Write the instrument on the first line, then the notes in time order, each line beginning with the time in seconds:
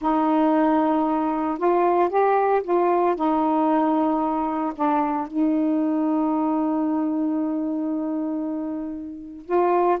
saxophone
0.01 D#4
1.58 F4
2.09 G4
2.63 F4
3.15 D#4
4.75 D4
5.27 D#4
9.45 F4